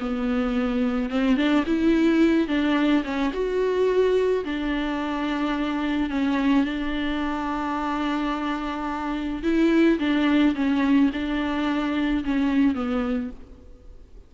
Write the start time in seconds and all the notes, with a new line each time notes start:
0.00 B3
1.10 C4
1.37 D4
1.66 E4
2.48 D4
3.04 C#4
3.33 F#4
4.45 D4
6.10 C#4
6.65 D4
9.43 E4
9.99 D4
10.55 C#4
11.13 D4
12.24 C#4
12.75 B3